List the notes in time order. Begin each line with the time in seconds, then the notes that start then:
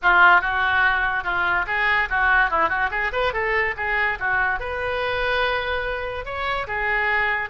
0.02 F4
0.41 F#4
1.23 F4
1.67 G#4
2.09 F#4
2.50 E4
2.69 F#4
2.91 G#4
3.12 B4
3.33 A4
3.76 G#4
4.19 F#4
4.59 B4
6.25 C#5
6.67 G#4